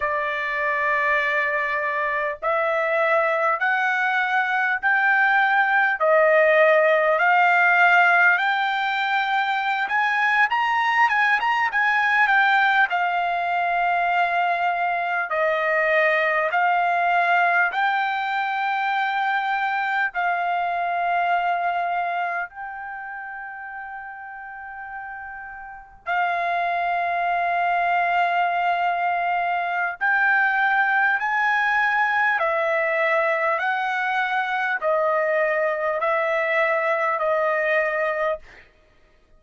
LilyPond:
\new Staff \with { instrumentName = "trumpet" } { \time 4/4 \tempo 4 = 50 d''2 e''4 fis''4 | g''4 dis''4 f''4 g''4~ | g''16 gis''8 ais''8 gis''16 ais''16 gis''8 g''8 f''4~ f''16~ | f''8. dis''4 f''4 g''4~ g''16~ |
g''8. f''2 g''4~ g''16~ | g''4.~ g''16 f''2~ f''16~ | f''4 g''4 gis''4 e''4 | fis''4 dis''4 e''4 dis''4 | }